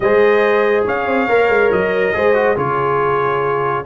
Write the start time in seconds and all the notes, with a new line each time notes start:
0.00 G#3 G#4 C5 D#5
0.85 C#4 C#5 F5
1.06 C4
1.28 A#3 A#4
1.48 G#3
1.71 F#3 D#5
2.14 G#3 G#4 C5
2.34 F#4
2.55 C#3 F4 G#4 C#5